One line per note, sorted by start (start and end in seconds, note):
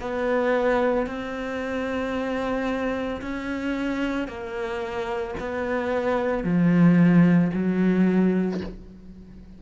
0.00 1.06 B3
1.06 3.20 C4
3.21 4.27 C#4
4.27 5.34 A#3
5.39 6.43 B3
6.43 7.50 F3
7.53 8.60 F#3